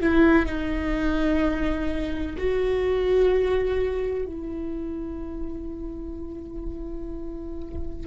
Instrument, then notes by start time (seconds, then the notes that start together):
viola
0.00 E4
0.45 D#4
2.37 F#4
4.26 E4